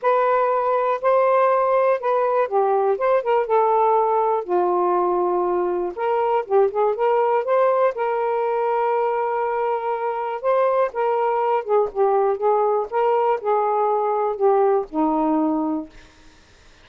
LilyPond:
\new Staff \with { instrumentName = "saxophone" } { \time 4/4 \tempo 4 = 121 b'2 c''2 | b'4 g'4 c''8 ais'8 a'4~ | a'4 f'2. | ais'4 g'8 gis'8 ais'4 c''4 |
ais'1~ | ais'4 c''4 ais'4. gis'8 | g'4 gis'4 ais'4 gis'4~ | gis'4 g'4 dis'2 | }